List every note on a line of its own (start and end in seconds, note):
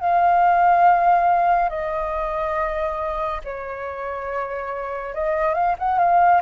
0.00 1.70 F5
1.70 3.41 D#5
3.44 5.15 C#5
5.15 5.54 D#5
5.54 5.76 F5
5.79 5.99 F#5
5.99 6.42 F5